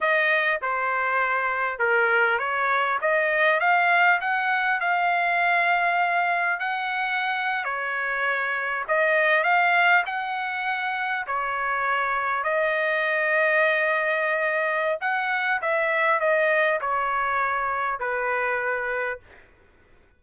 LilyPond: \new Staff \with { instrumentName = "trumpet" } { \time 4/4 \tempo 4 = 100 dis''4 c''2 ais'4 | cis''4 dis''4 f''4 fis''4 | f''2. fis''4~ | fis''8. cis''2 dis''4 f''16~ |
f''8. fis''2 cis''4~ cis''16~ | cis''8. dis''2.~ dis''16~ | dis''4 fis''4 e''4 dis''4 | cis''2 b'2 | }